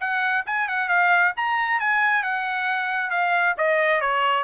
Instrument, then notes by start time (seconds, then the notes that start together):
trumpet
0.00 F#5
0.46 G#5
0.68 F#5
0.88 F5
1.36 A#5
1.79 G#5
2.23 F#5
3.10 F5
3.57 D#5
4.01 C#5